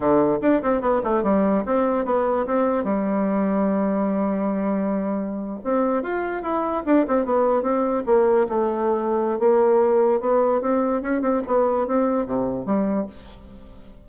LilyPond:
\new Staff \with { instrumentName = "bassoon" } { \time 4/4 \tempo 4 = 147 d4 d'8 c'8 b8 a8 g4 | c'4 b4 c'4 g4~ | g1~ | g4.~ g16 c'4 f'4 e'16~ |
e'8. d'8 c'8 b4 c'4 ais16~ | ais8. a2~ a16 ais4~ | ais4 b4 c'4 cis'8 c'8 | b4 c'4 c4 g4 | }